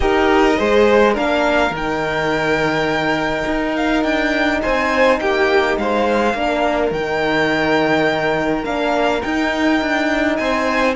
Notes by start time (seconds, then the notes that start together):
0.00 D#4 G4 A#4 D#5
0.57 G#3 G#4 C5
1.13 A#3 D4 A#4 F5
1.71 D#3 D#4 G5
3.46 D#4
3.76 F5
4.03 D4 G5
4.62 C4 C5 G#5
5.19 A#3 G4 G5
5.77 G#3 C5 F5
6.34 A#3 D4 A#4
6.91 D#3 D#4 G5
8.64 A#3 D4 F5
9.22 D#4 G5
9.81 D4
10.36 C4 C5 G#5